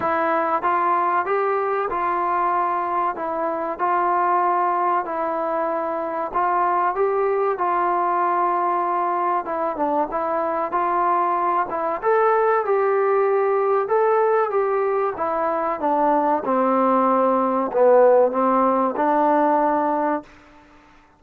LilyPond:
\new Staff \with { instrumentName = "trombone" } { \time 4/4 \tempo 4 = 95 e'4 f'4 g'4 f'4~ | f'4 e'4 f'2 | e'2 f'4 g'4 | f'2. e'8 d'8 |
e'4 f'4. e'8 a'4 | g'2 a'4 g'4 | e'4 d'4 c'2 | b4 c'4 d'2 | }